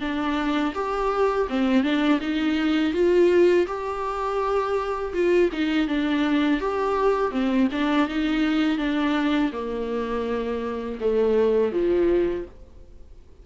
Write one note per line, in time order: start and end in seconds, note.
0.00 0.73 D4
0.74 1.47 G4
1.49 1.83 C4
1.83 2.20 D4
2.20 2.93 D#4
2.93 3.66 F4
3.67 5.13 G4
5.13 5.50 F4
5.52 5.87 D#4
5.87 6.60 D4
6.60 7.31 G4
7.31 7.68 C4
7.71 8.08 D4
8.08 8.78 D#4
8.78 9.51 D4
9.52 10.98 A#3
11.00 11.72 A3
11.72 12.45 F3